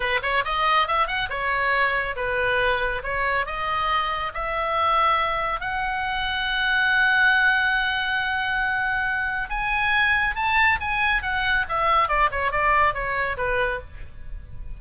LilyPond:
\new Staff \with { instrumentName = "oboe" } { \time 4/4 \tempo 4 = 139 b'8 cis''8 dis''4 e''8 fis''8 cis''4~ | cis''4 b'2 cis''4 | dis''2 e''2~ | e''4 fis''2.~ |
fis''1~ | fis''2 gis''2 | a''4 gis''4 fis''4 e''4 | d''8 cis''8 d''4 cis''4 b'4 | }